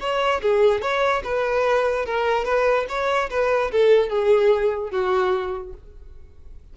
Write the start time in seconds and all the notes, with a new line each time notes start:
0.00 C#5
0.42 G#4
0.81 C#5
1.24 B4
2.05 A#4
2.45 B4
2.89 C#5
3.30 B4
3.71 A4
4.09 G#4
4.91 F#4